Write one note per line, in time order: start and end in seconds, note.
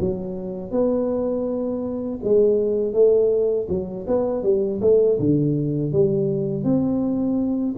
0.00 0.71 F#3
0.71 2.20 B3
2.24 2.93 G#3
2.93 3.67 A3
3.69 4.06 F#3
4.07 4.43 B3
4.43 4.80 G3
4.81 5.19 A3
5.20 5.93 D3
5.93 6.64 G3
6.64 7.75 C4